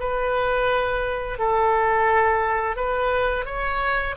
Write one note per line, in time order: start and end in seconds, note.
0.00 1.39 B4
1.39 2.77 A4
2.77 3.46 B4
3.46 4.15 C#5